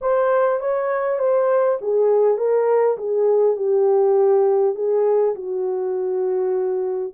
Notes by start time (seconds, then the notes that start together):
0.01 C5
0.60 C#5
1.19 C5
1.81 G#4
2.37 A#4
2.97 G#4
3.56 G4
4.75 G#4
5.35 F#4